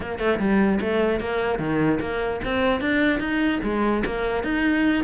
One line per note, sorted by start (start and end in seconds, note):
0.00 0.18 A#3
0.18 0.39 A3
0.39 0.79 G3
0.80 1.20 A3
1.20 1.58 A#3
1.58 1.99 D#3
2.00 2.40 A#3
2.44 2.80 C4
2.80 3.19 D4
3.19 3.59 D#4
3.63 4.03 G#3
4.05 4.43 A#3
4.43 5.03 D#4